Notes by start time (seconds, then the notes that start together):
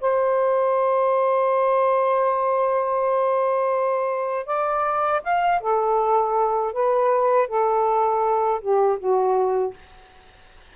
0.00 C5
4.46 D5
5.23 F5
5.60 A4
6.73 B4
7.48 A4
8.60 G4
8.98 F#4